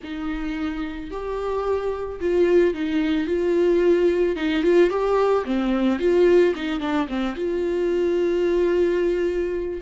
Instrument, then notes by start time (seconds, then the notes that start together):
viola
0.03 D#4
1.10 G4
2.20 F4
2.73 D#4
3.26 F4
4.36 D#4
4.62 F4
4.89 G4
5.44 C4
5.99 F4
6.55 D#4
6.80 D4
7.08 C4
7.35 F4